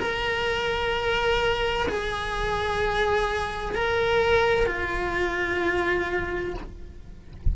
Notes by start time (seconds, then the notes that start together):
0.00 A#4
1.89 G#4
3.75 A#4
4.67 F4